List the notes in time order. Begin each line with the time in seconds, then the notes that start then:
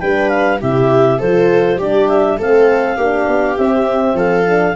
0.00 G3 D4 B4 G5
0.29 F5
0.60 C3 E4 G4 E5
1.18 F3 F4 A4 C5
1.76 G3 D4 G4 D5
2.09 E5
2.37 A3 C4 A4 F5
2.96 A#3 D4 G4
3.27 B3
3.57 C4 E5
4.14 F3 A4 F5
4.46 D4